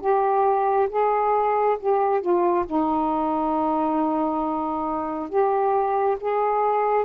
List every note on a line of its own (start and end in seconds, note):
0.00 0.88 G4
0.89 1.77 G#4
1.79 2.21 G4
2.21 2.65 F4
2.66 5.29 D#4
5.29 6.17 G4
6.20 7.05 G#4